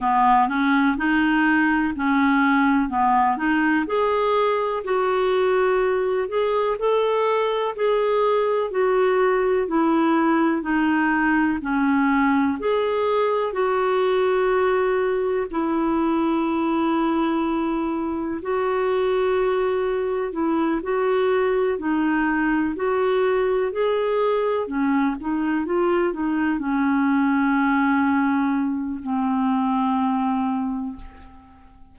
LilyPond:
\new Staff \with { instrumentName = "clarinet" } { \time 4/4 \tempo 4 = 62 b8 cis'8 dis'4 cis'4 b8 dis'8 | gis'4 fis'4. gis'8 a'4 | gis'4 fis'4 e'4 dis'4 | cis'4 gis'4 fis'2 |
e'2. fis'4~ | fis'4 e'8 fis'4 dis'4 fis'8~ | fis'8 gis'4 cis'8 dis'8 f'8 dis'8 cis'8~ | cis'2 c'2 | }